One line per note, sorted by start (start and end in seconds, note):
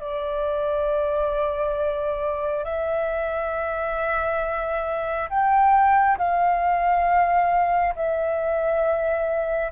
0.00 2.64 D5
2.64 5.29 E5
5.29 6.18 G5
6.18 7.95 F5
7.95 9.72 E5